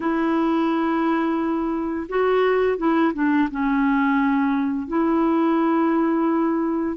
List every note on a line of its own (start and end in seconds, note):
0.00 2.07 E4
2.08 2.77 F#4
2.77 3.12 E4
3.13 3.48 D4
3.50 4.87 C#4
4.87 6.96 E4